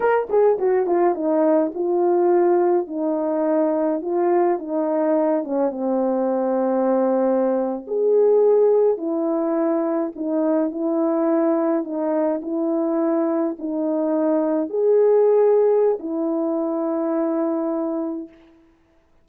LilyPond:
\new Staff \with { instrumentName = "horn" } { \time 4/4 \tempo 4 = 105 ais'8 gis'8 fis'8 f'8 dis'4 f'4~ | f'4 dis'2 f'4 | dis'4. cis'8 c'2~ | c'4.~ c'16 gis'2 e'16~ |
e'4.~ e'16 dis'4 e'4~ e'16~ | e'8. dis'4 e'2 dis'16~ | dis'4.~ dis'16 gis'2~ gis'16 | e'1 | }